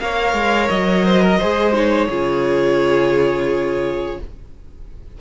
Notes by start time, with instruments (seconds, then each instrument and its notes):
0.00 cello A#3, viola A#4, violin C#5 F5
0.33 cello G#3
0.69 cello F#3, violin D#5
1.06 violin C5
1.22 violin A#4
1.38 cello G#3, viola G#4, violin C5
1.73 viola D#4, violin C#5
2.09 cello C#3, viola F4, violin G#4